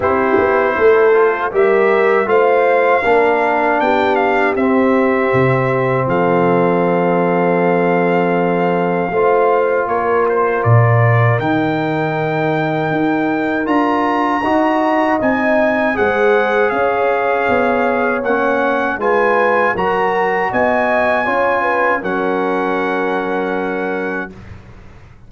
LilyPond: <<
  \new Staff \with { instrumentName = "trumpet" } { \time 4/4 \tempo 4 = 79 c''2 e''4 f''4~ | f''4 g''8 f''8 e''2 | f''1~ | f''4 cis''8 c''8 d''4 g''4~ |
g''2 ais''2 | gis''4 fis''4 f''2 | fis''4 gis''4 ais''4 gis''4~ | gis''4 fis''2. | }
  \new Staff \with { instrumentName = "horn" } { \time 4/4 g'4 a'4 ais'4 c''4 | ais'4 g'2. | a'1 | c''4 ais'2.~ |
ais'2. dis''4~ | dis''4 c''4 cis''2~ | cis''4 b'4 ais'4 dis''4 | cis''8 b'8 ais'2. | }
  \new Staff \with { instrumentName = "trombone" } { \time 4/4 e'4. f'8 g'4 f'4 | d'2 c'2~ | c'1 | f'2. dis'4~ |
dis'2 f'4 fis'4 | dis'4 gis'2. | cis'4 f'4 fis'2 | f'4 cis'2. | }
  \new Staff \with { instrumentName = "tuba" } { \time 4/4 c'8 b8 a4 g4 a4 | ais4 b4 c'4 c4 | f1 | a4 ais4 ais,4 dis4~ |
dis4 dis'4 d'4 dis'4 | c'4 gis4 cis'4 b4 | ais4 gis4 fis4 b4 | cis'4 fis2. | }
>>